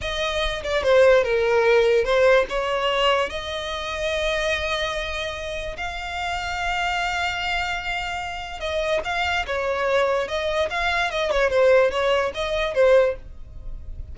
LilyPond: \new Staff \with { instrumentName = "violin" } { \time 4/4 \tempo 4 = 146 dis''4. d''8 c''4 ais'4~ | ais'4 c''4 cis''2 | dis''1~ | dis''2 f''2~ |
f''1~ | f''4 dis''4 f''4 cis''4~ | cis''4 dis''4 f''4 dis''8 cis''8 | c''4 cis''4 dis''4 c''4 | }